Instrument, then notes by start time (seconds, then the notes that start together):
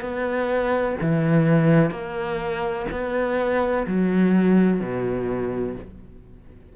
cello
0.00 B3
1.01 E3
1.90 A#3
2.91 B3
3.87 F#3
4.80 B2